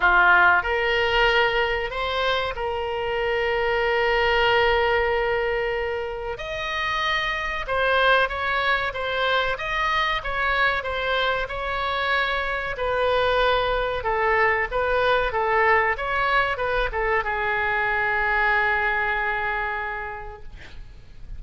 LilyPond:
\new Staff \with { instrumentName = "oboe" } { \time 4/4 \tempo 4 = 94 f'4 ais'2 c''4 | ais'1~ | ais'2 dis''2 | c''4 cis''4 c''4 dis''4 |
cis''4 c''4 cis''2 | b'2 a'4 b'4 | a'4 cis''4 b'8 a'8 gis'4~ | gis'1 | }